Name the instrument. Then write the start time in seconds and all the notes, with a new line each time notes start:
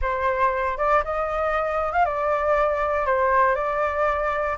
flute
0.01 C5
0.77 D5
1.04 D#5
1.92 F5
2.05 D5
3.05 C5
3.55 D5